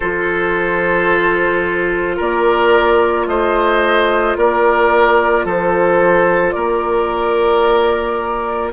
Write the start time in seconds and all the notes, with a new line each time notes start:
0.00 F3 F4 A4 C5
2.16 A#3 A#4 D5
3.26 A3 C5 D#5
4.36 A#3 A#4 D5
5.44 F3 A4 C5
6.51 A#3 A#4 D5